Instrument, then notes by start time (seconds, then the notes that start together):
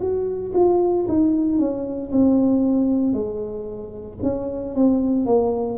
tuba
0.00 F#4
0.54 F4
1.08 D#4
1.58 C#4
2.11 C4
3.13 G#3
4.22 C#4
4.75 C4
5.25 A#3